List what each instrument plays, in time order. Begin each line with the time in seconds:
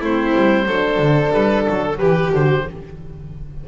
0.00 double bass A3, horn C4, violin E4, oboe C5
0.35 double bass G3
0.66 double bass F#3, horn D4, violin A4
0.98 double bass D3
1.33 double bass G3, oboe B4
1.63 double bass F#3, oboe A4
1.97 double bass E3, horn G4, violin G4, oboe B4
2.31 double bass D3, horn F#4, oboe C5